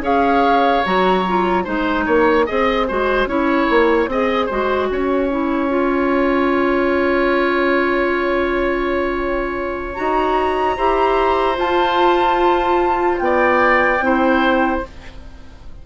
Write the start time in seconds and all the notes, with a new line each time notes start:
0.00 C#4 G#4 C#5 F5
0.84 F#3 F#4 A#5
1.27 F4
1.64 G#3 D#4 C5 G#5
2.05 A#3 C#5
2.46 C4 G#4 D#5
2.87 G#3 F#4 C5
3.26 C#4 E4 C#5
3.69 A#3
4.07 C4 G#4 D#5
4.46 G#3 F#4 C5
4.90 C#4 C#5
5.30 E4
5.69 F4
9.95 D#4 F#4 A#5
10.76 E4 G4 C5
11.55 F4 A5
13.18 B3 D5 G5
13.99 C4 E4 C5